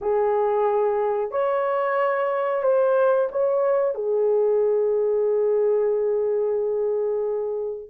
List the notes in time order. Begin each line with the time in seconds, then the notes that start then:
0.01 G#4
1.31 C#5
2.62 C5
3.31 C#5
3.94 G#4